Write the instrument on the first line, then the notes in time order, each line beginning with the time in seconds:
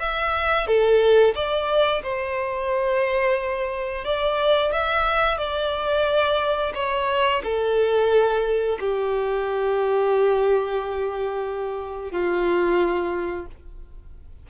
violin
0.00 E5
0.67 A4
1.35 D5
2.03 C5
4.05 D5
4.72 E5
5.38 D5
6.75 C#5
7.44 A4
8.80 G4
12.11 F4